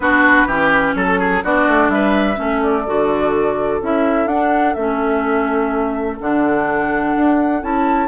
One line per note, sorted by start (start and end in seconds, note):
0.00 0.45 B3
0.00 0.48 D4
0.00 0.47 F#4
0.00 0.95 B4
0.46 0.93 E3
0.46 1.43 C#4
0.46 0.94 G4
0.94 1.42 F#3
0.94 1.19 A4
0.94 1.44 A4
1.19 1.43 G#4
1.43 1.67 B3
1.43 2.35 D4
1.43 1.91 F#4
1.43 1.90 D5
1.67 1.88 A3
1.88 2.36 G3
1.88 2.39 B4
1.88 2.61 E5
2.35 2.86 A3
2.35 2.83 C#4
2.35 8.07 A4
2.62 3.81 D5
2.86 3.81 D3
2.86 3.81 F#4
3.81 4.26 C#4
3.81 4.28 E4
3.81 4.27 E5
4.26 4.74 D4
4.26 4.77 D4
4.26 4.73 F#5
4.73 6.19 A3
4.73 6.19 C#4
4.73 6.16 E5
6.19 7.15 D3
6.19 7.61 D4
6.19 7.63 F#5
7.15 7.62 D4
7.61 8.07 C#4
7.61 8.07 E4
7.61 8.07 A5